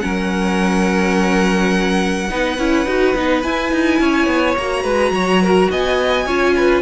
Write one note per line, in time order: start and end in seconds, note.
0.00 2.31 F#3
0.00 2.28 C#4
0.00 2.30 A#4
0.00 3.40 F#5
2.30 2.58 B3
2.30 2.58 D#4
2.30 4.00 B4
2.58 2.86 C#4
2.58 2.86 E4
2.86 3.15 D#4
2.86 3.15 F#4
3.16 3.45 B3
3.16 3.43 D#4
3.42 4.56 E4
3.42 3.72 E4
3.42 4.56 G#5
3.72 4.00 D#4
4.00 4.27 C#4
4.00 4.84 C#5
4.27 4.55 B3
4.57 4.84 A#3
4.57 6.28 F#4
4.57 5.71 A#5
4.84 5.11 G#3
4.84 5.12 B4
5.11 5.68 F#3
5.11 5.42 C#5
5.43 5.71 A#4
5.71 6.26 B3
5.71 6.26 D#5
5.71 6.82 G#5
6.26 6.82 C#4
6.26 6.82 F4
6.26 6.54 C#5
6.57 6.82 B4